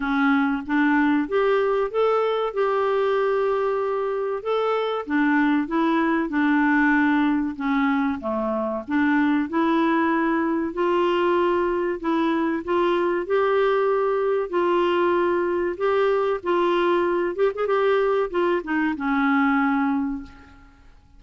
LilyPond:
\new Staff \with { instrumentName = "clarinet" } { \time 4/4 \tempo 4 = 95 cis'4 d'4 g'4 a'4 | g'2. a'4 | d'4 e'4 d'2 | cis'4 a4 d'4 e'4~ |
e'4 f'2 e'4 | f'4 g'2 f'4~ | f'4 g'4 f'4. g'16 gis'16 | g'4 f'8 dis'8 cis'2 | }